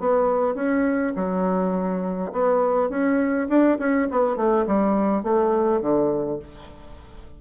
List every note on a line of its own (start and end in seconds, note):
0.00 0.55 B3
0.55 1.13 C#4
1.16 2.32 F#3
2.32 2.90 B3
2.90 3.48 C#4
3.49 3.78 D4
3.79 4.08 C#4
4.11 4.37 B3
4.37 4.66 A3
4.67 5.23 G3
5.23 5.81 A3
5.81 6.40 D3